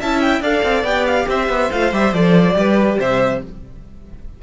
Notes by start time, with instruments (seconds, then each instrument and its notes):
0.00 cello C#4, viola E4, violin E5 A5
0.21 violin G5
0.41 cello D4, viola A4, violin D5 F5
0.63 cello C4
0.84 cello B3, viola G4, violin G5
1.07 violin F5
1.28 cello C4, violin C5 E5
1.49 cello B3
1.72 cello A3, viola F4, violin F5
1.93 cello G3, viola G4, violin E5
2.13 cello F3, viola A4, violin D5
2.54 cello G3, viola G4, violin B4
3.00 cello C3, violin C5 E5